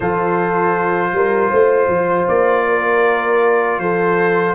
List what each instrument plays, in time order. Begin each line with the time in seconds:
0.00 tuba F3, trombone F4, horn A4, trumpet C5
1.12 tuba G3, horn A#4
1.50 tuba A3, horn C5
1.87 tuba F3
2.28 tuba A#3, trumpet D5
2.68 horn A#4
3.78 tuba F3, horn A4, trumpet C5